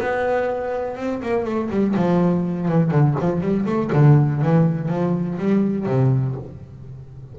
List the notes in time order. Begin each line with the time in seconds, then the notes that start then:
0.00 B3
0.97 C4
1.22 A#3
1.45 A3
1.71 G3
1.96 F3
2.68 E3
2.91 D3
3.20 F3
3.41 G3
3.66 A3
3.93 D3
4.42 E3
4.89 F3
5.39 G3
5.87 C3